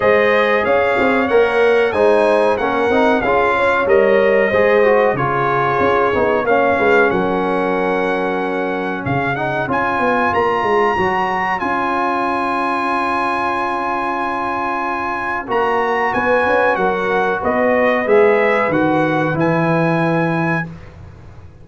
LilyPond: <<
  \new Staff \with { instrumentName = "trumpet" } { \time 4/4 \tempo 4 = 93 dis''4 f''4 fis''4 gis''4 | fis''4 f''4 dis''2 | cis''2 f''4 fis''4~ | fis''2 f''8 fis''8 gis''4 |
ais''2 gis''2~ | gis''1 | ais''4 gis''4 fis''4 dis''4 | e''4 fis''4 gis''2 | }
  \new Staff \with { instrumentName = "horn" } { \time 4/4 c''4 cis''2 c''4 | ais'4 gis'8 cis''4. c''4 | gis'2 cis''8 b'8 ais'4~ | ais'2 cis''2~ |
cis''1~ | cis''1~ | cis''4 b'4 ais'4 b'4~ | b'1 | }
  \new Staff \with { instrumentName = "trombone" } { \time 4/4 gis'2 ais'4 dis'4 | cis'8 dis'8 f'4 ais'4 gis'8 fis'8 | f'4. dis'8 cis'2~ | cis'2~ cis'8 dis'8 f'4~ |
f'4 fis'4 f'2~ | f'1 | fis'1 | gis'4 fis'4 e'2 | }
  \new Staff \with { instrumentName = "tuba" } { \time 4/4 gis4 cis'8 c'8 ais4 gis4 | ais8 c'8 cis'4 g4 gis4 | cis4 cis'8 b8 ais8 gis8 fis4~ | fis2 cis4 cis'8 b8 |
ais8 gis8 fis4 cis'2~ | cis'1 | ais4 b8 cis'8 fis4 b4 | gis4 dis4 e2 | }
>>